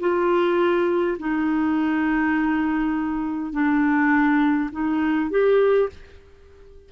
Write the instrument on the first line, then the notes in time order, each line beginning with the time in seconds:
clarinet
0.00 F4
1.18 D#4
3.52 D4
4.71 D#4
5.30 G4